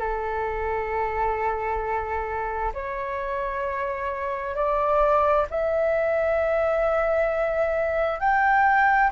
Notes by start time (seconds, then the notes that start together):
0.00 A4
2.74 C#5
4.56 D5
5.51 E5
8.20 G5